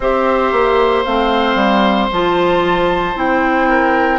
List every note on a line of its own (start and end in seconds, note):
0.00 0.52 C4
0.00 1.05 G4
0.00 3.69 C5
0.00 1.04 E5
0.52 1.04 A#3
1.04 1.55 A3
1.04 2.11 C4
1.04 2.09 F5
1.55 2.07 G3
2.11 3.15 F3
2.11 3.14 F4
2.11 3.18 A5
3.14 4.19 C4
3.14 4.19 E4
3.14 4.19 G5
3.69 4.19 A#4